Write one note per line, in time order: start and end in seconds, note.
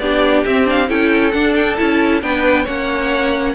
0.00 0.45 B3
0.00 0.46 D4
0.00 0.89 G4
0.00 0.44 D5
0.45 0.90 C4
0.45 0.65 C4
0.45 0.67 E5
0.65 0.88 D4
0.65 0.90 F5
0.88 1.35 C#4
0.88 1.33 E4
0.88 2.22 A4
0.88 1.32 G5
1.32 1.77 D4
1.32 1.79 D4
1.32 1.54 F#5
1.56 1.77 G5
1.77 2.23 C#4
1.77 2.22 E4
1.77 2.21 A5
2.22 2.67 B3
2.22 2.66 D4
2.22 2.63 B4
2.22 2.67 G5
2.63 3.55 A#3
2.63 3.55 C#4
2.63 3.52 C#5
2.63 3.55 F#5